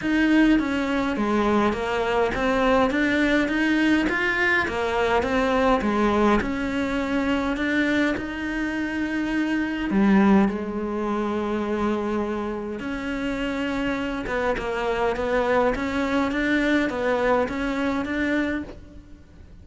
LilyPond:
\new Staff \with { instrumentName = "cello" } { \time 4/4 \tempo 4 = 103 dis'4 cis'4 gis4 ais4 | c'4 d'4 dis'4 f'4 | ais4 c'4 gis4 cis'4~ | cis'4 d'4 dis'2~ |
dis'4 g4 gis2~ | gis2 cis'2~ | cis'8 b8 ais4 b4 cis'4 | d'4 b4 cis'4 d'4 | }